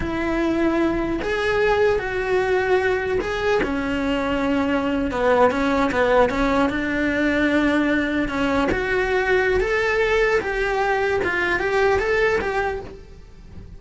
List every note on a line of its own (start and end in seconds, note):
0.00 1.20 E4
1.21 1.98 G#4
1.98 3.18 F#4
3.20 3.60 G#4
3.62 5.11 C#4
5.11 5.50 B3
5.50 5.90 C#4
5.91 6.29 B3
6.29 6.69 C#4
6.69 8.28 D4
8.28 8.68 C#4
8.71 9.60 F#4
9.60 10.40 A4
10.41 11.21 G4
11.23 11.59 F4
11.59 11.99 G4
11.99 12.39 A4
12.41 12.81 G4